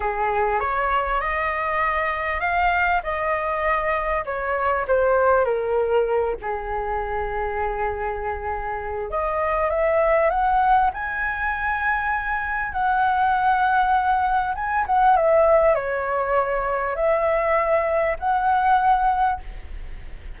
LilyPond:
\new Staff \with { instrumentName = "flute" } { \time 4/4 \tempo 4 = 99 gis'4 cis''4 dis''2 | f''4 dis''2 cis''4 | c''4 ais'4. gis'4.~ | gis'2. dis''4 |
e''4 fis''4 gis''2~ | gis''4 fis''2. | gis''8 fis''8 e''4 cis''2 | e''2 fis''2 | }